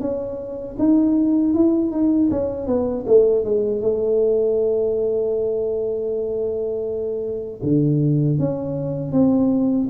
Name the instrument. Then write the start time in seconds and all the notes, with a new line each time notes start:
tuba
0.00 C#4
0.78 D#4
1.54 E4
1.91 D#4
2.30 C#4
2.67 B3
3.07 A3
3.44 G#3
3.81 A3
7.62 D3
8.39 C#4
9.12 C4